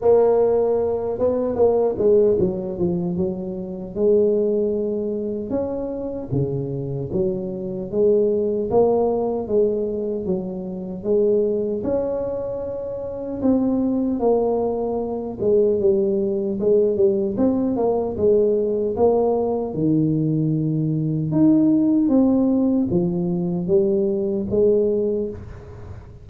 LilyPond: \new Staff \with { instrumentName = "tuba" } { \time 4/4 \tempo 4 = 76 ais4. b8 ais8 gis8 fis8 f8 | fis4 gis2 cis'4 | cis4 fis4 gis4 ais4 | gis4 fis4 gis4 cis'4~ |
cis'4 c'4 ais4. gis8 | g4 gis8 g8 c'8 ais8 gis4 | ais4 dis2 dis'4 | c'4 f4 g4 gis4 | }